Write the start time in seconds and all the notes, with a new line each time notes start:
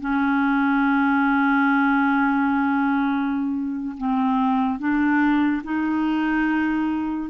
0.00 C#4
3.97 C4
4.79 D4
5.64 D#4